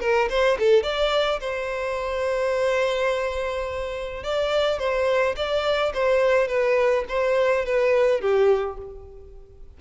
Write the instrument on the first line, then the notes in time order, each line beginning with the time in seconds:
violin
0.00 A#4
0.29 C5
0.58 A4
0.83 D5
1.40 C5
4.23 D5
4.79 C5
5.36 D5
5.94 C5
6.48 B4
7.08 C5
7.65 B4
8.20 G4